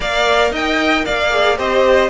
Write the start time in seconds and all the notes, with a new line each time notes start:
0.00 A#3 A#4 D5 F5
0.51 D#4 D#5 G5
1.05 A#3 D5 F5
1.30 G#4
1.56 C4 G4 C5 D#5